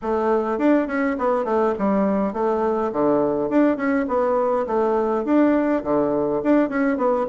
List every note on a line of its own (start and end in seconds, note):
0.02 0.58 A3
0.58 0.87 D4
0.87 1.16 C#4
1.18 1.45 B3
1.45 1.74 A3
1.78 2.33 G3
2.33 2.91 A3
2.92 3.49 D3
3.49 3.76 D4
3.76 4.05 C#4
4.08 4.66 B3
4.66 5.24 A3
5.24 5.83 D4
5.83 6.42 D3
6.43 6.69 D4
6.69 6.97 C#4
6.97 7.26 B3